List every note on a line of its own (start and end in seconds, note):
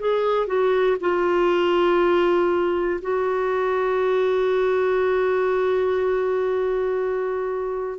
0.00 0.47 G#4
0.47 0.97 F#4
1.00 3.00 F4
3.01 7.99 F#4